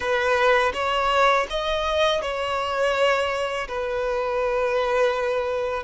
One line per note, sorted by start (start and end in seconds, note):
0.00 0.72 B4
0.73 1.46 C#5
1.50 2.21 D#5
2.21 3.68 C#5
3.68 5.83 B4